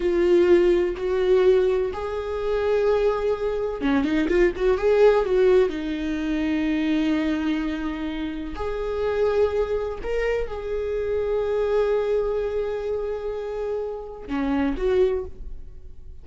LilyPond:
\new Staff \with { instrumentName = "viola" } { \time 4/4 \tempo 4 = 126 f'2 fis'2 | gis'1 | cis'8 dis'8 f'8 fis'8 gis'4 fis'4 | dis'1~ |
dis'2 gis'2~ | gis'4 ais'4 gis'2~ | gis'1~ | gis'2 cis'4 fis'4 | }